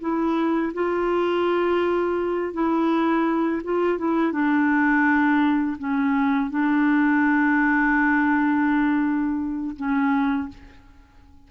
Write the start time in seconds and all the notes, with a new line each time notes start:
0.00 E4
0.74 F4
2.53 E4
3.63 F4
3.98 E4
4.32 D4
5.78 C#4
6.50 D4
9.76 C#4